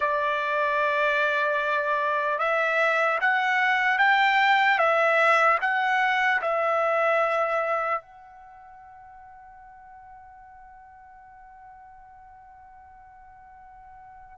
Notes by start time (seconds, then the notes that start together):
0.00 D5
2.39 E5
3.20 F#5
3.98 G5
4.78 E5
5.61 F#5
6.41 E5
8.01 F#5